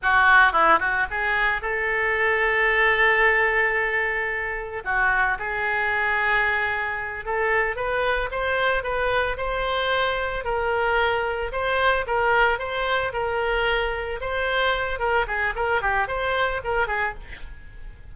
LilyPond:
\new Staff \with { instrumentName = "oboe" } { \time 4/4 \tempo 4 = 112 fis'4 e'8 fis'8 gis'4 a'4~ | a'1~ | a'4 fis'4 gis'2~ | gis'4. a'4 b'4 c''8~ |
c''8 b'4 c''2 ais'8~ | ais'4. c''4 ais'4 c''8~ | c''8 ais'2 c''4. | ais'8 gis'8 ais'8 g'8 c''4 ais'8 gis'8 | }